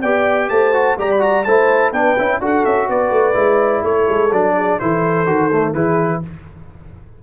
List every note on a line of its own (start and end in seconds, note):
0.00 0.49 B3
0.00 0.73 G4
0.00 0.48 D5
0.00 0.49 G5
0.49 0.97 A3
0.49 0.98 C5
0.49 0.97 A5
0.73 0.97 F#4
0.98 1.45 G3
0.98 1.19 G4
0.98 1.46 D5
0.98 1.11 A#5
1.11 1.22 B5
1.19 1.43 F#4
1.19 1.44 A#5
1.44 1.92 A3
1.44 1.93 E4
1.44 1.91 C5
1.44 1.91 A5
1.91 2.15 B3
1.91 2.17 D4
1.91 2.39 B4
1.91 2.40 G5
2.18 2.40 C#4
2.18 2.40 E4
2.40 2.63 D4
2.40 3.33 F#4
2.40 2.88 A4
2.40 2.65 F#5
2.65 2.88 C#4
2.65 2.89 E5
2.88 3.11 B3
2.88 3.83 B4
2.88 3.84 D5
3.11 3.35 A3
3.33 3.83 G#3
3.33 4.29 E4
3.83 4.07 A3
3.83 4.55 A4
3.83 4.32 C#5
4.08 4.32 G#3
4.32 4.79 F#3
4.32 4.80 D4
4.32 4.79 D5
4.56 4.79 G#4
4.79 5.27 E3
4.79 5.26 E4
4.79 5.73 A4
4.79 5.74 C5
5.26 5.74 D#3
5.26 5.50 F#4
5.52 5.75 A3
5.73 6.21 E3
5.73 6.22 E4
5.73 6.21 G#4
5.73 6.21 B4